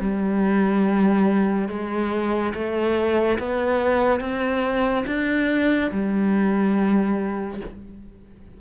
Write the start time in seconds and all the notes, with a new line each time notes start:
0.00 G3
1.69 G#3
2.54 A3
3.39 B3
4.20 C4
5.06 D4
5.91 G3